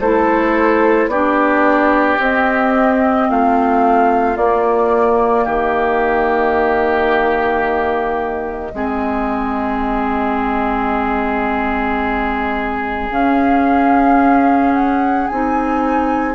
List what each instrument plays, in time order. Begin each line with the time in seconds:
0.00 bassoon A3, clarinet E4, oboe A4, flute C5
1.07 bassoon B3, clarinet D4, oboe G4, flute D5
2.19 clarinet C4, bassoon C4, flute D#5
3.29 bassoon A3, oboe F4, flute F5
4.35 clarinet A#3, bassoon A#3, flute D5
5.44 bassoon D#3, oboe G4, flute D#5
8.74 bassoon G#3, clarinet C4, oboe G#4
13.11 bassoon C#4, clarinet C#4, flute F5
14.73 flute F#5
15.28 bassoon C4, clarinet D#4, flute G#5